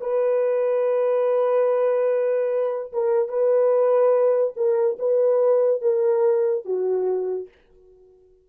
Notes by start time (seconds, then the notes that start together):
0.00 B4
2.92 A#4
3.28 B4
4.56 A#4
4.98 B4
5.81 A#4
6.64 F#4